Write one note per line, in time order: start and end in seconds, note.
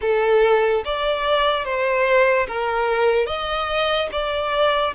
0.01 0.83 A4
0.84 1.64 D5
1.64 2.47 C5
2.47 3.26 A#4
3.26 4.08 D#5
4.11 4.94 D5